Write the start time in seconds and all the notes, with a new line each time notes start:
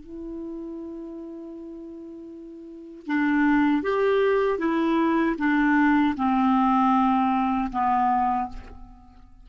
0.00 E4
3.07 D4
3.83 G4
4.59 E4
5.38 D4
6.17 C4
7.72 B3